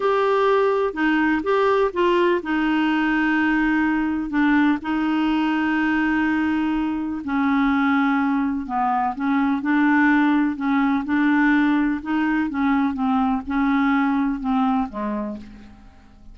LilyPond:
\new Staff \with { instrumentName = "clarinet" } { \time 4/4 \tempo 4 = 125 g'2 dis'4 g'4 | f'4 dis'2.~ | dis'4 d'4 dis'2~ | dis'2. cis'4~ |
cis'2 b4 cis'4 | d'2 cis'4 d'4~ | d'4 dis'4 cis'4 c'4 | cis'2 c'4 gis4 | }